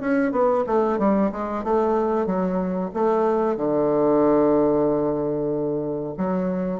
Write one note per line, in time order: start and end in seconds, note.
0.00 0.32 C#4
0.32 0.64 B3
0.66 0.99 A3
0.99 1.31 G3
1.31 1.64 G#3
1.64 2.26 A3
2.26 2.90 F#3
2.93 3.56 A3
3.56 6.14 D3
6.17 6.80 F#3